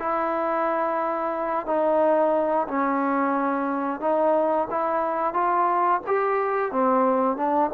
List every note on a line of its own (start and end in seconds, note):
0.00 1.67 E4
1.67 2.68 D#4
2.68 4.01 C#4
4.01 4.68 D#4
4.71 5.34 E4
5.34 6.02 F4
6.07 6.72 G4
6.72 7.37 C4
7.37 7.71 D4